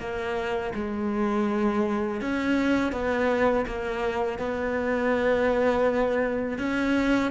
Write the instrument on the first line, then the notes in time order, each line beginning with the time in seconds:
cello
0.00 A#3
0.75 G#3
2.22 C#4
2.92 B3
3.67 A#3
4.39 B3
6.59 C#4